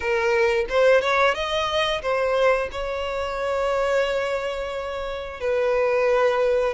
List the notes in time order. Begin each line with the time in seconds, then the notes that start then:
0.00 A#4
0.69 C5
1.01 C#5
1.34 D#5
2.02 C5
2.71 C#5
5.40 B4